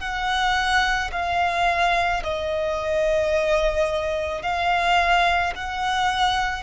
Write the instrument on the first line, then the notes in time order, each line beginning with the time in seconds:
violin
0.00 F#5
1.12 F5
2.24 D#5
4.42 F5
5.56 F#5